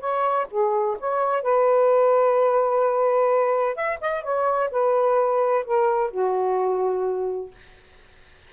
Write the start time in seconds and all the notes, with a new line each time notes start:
0.00 C#5
0.50 G#4
1.00 C#5
1.43 B4
3.75 E5
4.01 D#5
4.23 C#5
4.71 B4
5.65 A#4
6.11 F#4